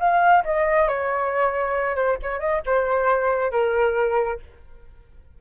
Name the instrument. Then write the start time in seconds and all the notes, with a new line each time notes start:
flute
0.00 F5
0.45 D#5
0.89 C#5
1.96 C5
2.23 C#5
2.40 D#5
2.66 C5
3.52 A#4